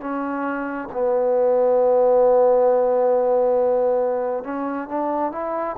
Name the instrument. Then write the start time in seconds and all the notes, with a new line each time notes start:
trombone
0.00 C#4
0.92 B3
4.44 C#4
4.88 D4
5.31 E4